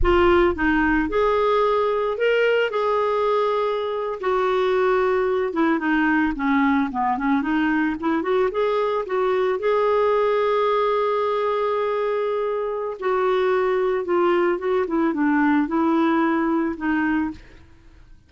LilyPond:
\new Staff \with { instrumentName = "clarinet" } { \time 4/4 \tempo 4 = 111 f'4 dis'4 gis'2 | ais'4 gis'2~ gis'8. fis'16~ | fis'2~ fis'16 e'8 dis'4 cis'16~ | cis'8. b8 cis'8 dis'4 e'8 fis'8 gis'16~ |
gis'8. fis'4 gis'2~ gis'16~ | gis'1 | fis'2 f'4 fis'8 e'8 | d'4 e'2 dis'4 | }